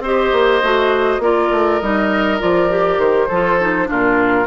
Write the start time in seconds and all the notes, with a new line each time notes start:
0.00 C4 G4 C5 D#5
0.32 A#3
0.62 A3 F#4
1.18 A#3 F4 A#4 D5
1.51 A3
1.80 G3 D#4 D#5
2.39 F3 F4 D5
2.69 G4
2.98 D#3 C5
3.28 F3 F4 A4
3.60 D#4
3.85 A#2 D4 F4 A#4